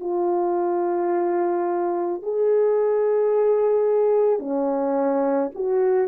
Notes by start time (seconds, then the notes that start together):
0.00 F4
2.22 G#4
4.39 C#4
5.55 F#4